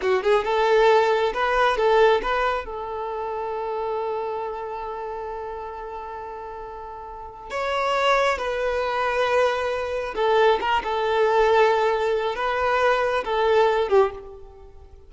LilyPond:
\new Staff \with { instrumentName = "violin" } { \time 4/4 \tempo 4 = 136 fis'8 gis'8 a'2 b'4 | a'4 b'4 a'2~ | a'1~ | a'1~ |
a'4 cis''2 b'4~ | b'2. a'4 | ais'8 a'2.~ a'8 | b'2 a'4. g'8 | }